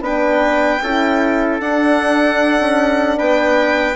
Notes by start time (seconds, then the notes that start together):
0.00 B3 D4 B4 G5
0.82 C#4 E4 A4
1.60 D4 F#5
2.59 C#4
3.17 B3 B4 G5